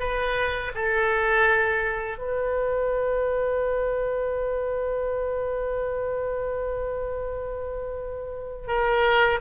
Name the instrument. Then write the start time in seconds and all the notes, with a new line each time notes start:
oboe
0.00 B4
0.75 A4
2.18 B4
8.68 A#4